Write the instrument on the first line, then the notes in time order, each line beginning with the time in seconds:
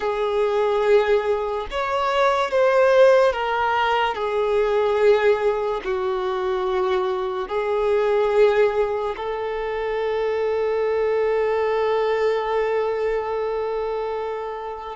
violin
0.00 G#4
1.70 C#5
2.50 C5
3.33 A#4
4.14 G#4
5.84 F#4
7.48 G#4
9.16 A4